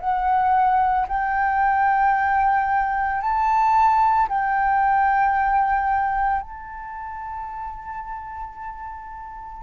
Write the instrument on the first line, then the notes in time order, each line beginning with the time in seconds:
flute
0.00 F#5
1.08 G5
3.21 A5
4.29 G5
6.42 A5